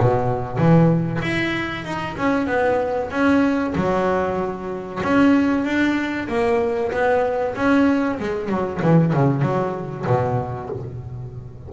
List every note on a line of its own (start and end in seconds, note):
0.00 0.58 B2
0.58 1.21 E3
1.22 1.85 E4
1.85 2.17 D#4
2.18 2.47 C#4
2.47 3.11 B3
3.11 3.74 C#4
3.76 5.02 F#3
5.04 5.65 C#4
5.65 6.28 D4
6.28 6.92 A#3
6.92 7.55 B3
7.56 8.19 C#4
8.20 8.49 G#3
8.49 8.81 F#3
8.82 9.13 E3
9.13 9.42 C#3
9.42 10.05 F#3
10.07 10.70 B2